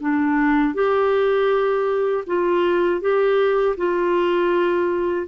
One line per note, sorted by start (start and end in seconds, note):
0.00 0.74 D4
0.74 2.24 G4
2.26 3.01 F4
3.01 3.76 G4
3.76 5.26 F4